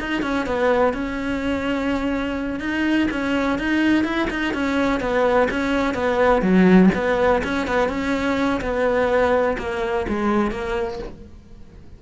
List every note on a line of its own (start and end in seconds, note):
0.00 0.23 D#4
0.23 0.46 C#4
0.46 0.94 B3
0.94 2.61 C#4
2.61 3.09 D#4
3.11 3.59 C#4
3.59 4.05 D#4
4.05 4.29 E4
4.31 4.54 D#4
4.54 5.01 C#4
5.01 5.49 B3
5.51 5.94 C#4
5.94 6.42 B3
6.42 6.90 F#3
6.95 7.43 B3
7.44 7.67 C#4
7.67 7.89 B3
7.89 8.61 C#4
8.61 9.57 B3
9.58 10.06 A#3
10.09 10.51 G#3
10.51 10.99 A#3